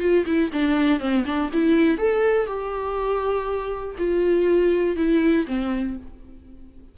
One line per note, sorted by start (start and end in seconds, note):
0.00 0.25 F4
0.26 0.51 E4
0.53 1.00 D4
1.00 1.25 C4
1.26 1.50 D4
1.53 1.98 E4
1.98 2.47 A4
2.47 3.96 G4
3.98 4.97 F4
4.97 5.46 E4
5.47 5.97 C4